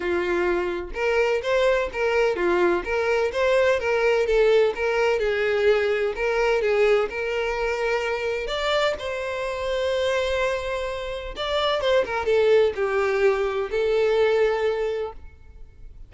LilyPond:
\new Staff \with { instrumentName = "violin" } { \time 4/4 \tempo 4 = 127 f'2 ais'4 c''4 | ais'4 f'4 ais'4 c''4 | ais'4 a'4 ais'4 gis'4~ | gis'4 ais'4 gis'4 ais'4~ |
ais'2 d''4 c''4~ | c''1 | d''4 c''8 ais'8 a'4 g'4~ | g'4 a'2. | }